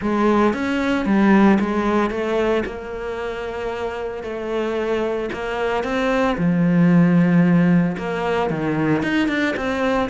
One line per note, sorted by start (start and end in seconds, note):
0.01 0.53 G#3
0.53 1.05 C#4
1.05 1.58 G3
1.60 2.10 G#3
2.10 2.63 A3
2.65 4.23 A#3
4.23 5.29 A3
5.32 5.83 A#3
5.83 6.36 C4
6.37 7.96 F3
7.97 8.50 A#3
8.50 9.02 D#3
9.02 9.28 D#4
9.28 9.54 D4
9.56 10.09 C4